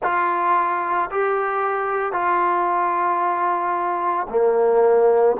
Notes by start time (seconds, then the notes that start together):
0.02 F4
1.11 G4
2.12 F4
4.29 A#3